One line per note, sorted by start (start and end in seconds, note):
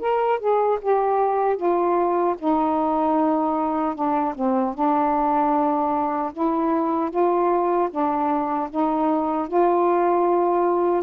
0.00 0.39 A#4
0.39 0.79 G#4
0.81 1.56 G4
1.56 2.35 F4
2.38 3.95 D#4
3.95 4.34 D4
4.35 4.74 C4
4.74 6.32 D4
6.33 7.10 E4
7.10 7.89 F4
7.90 8.69 D4
8.70 9.48 D#4
9.48 11.03 F4